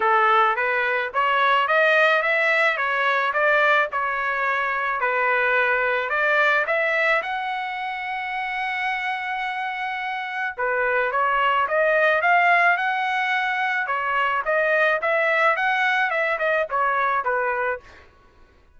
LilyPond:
\new Staff \with { instrumentName = "trumpet" } { \time 4/4 \tempo 4 = 108 a'4 b'4 cis''4 dis''4 | e''4 cis''4 d''4 cis''4~ | cis''4 b'2 d''4 | e''4 fis''2.~ |
fis''2. b'4 | cis''4 dis''4 f''4 fis''4~ | fis''4 cis''4 dis''4 e''4 | fis''4 e''8 dis''8 cis''4 b'4 | }